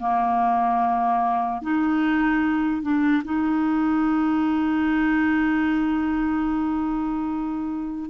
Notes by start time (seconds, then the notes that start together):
0.00 A#3
1.62 D#4
2.82 D4
3.24 D#4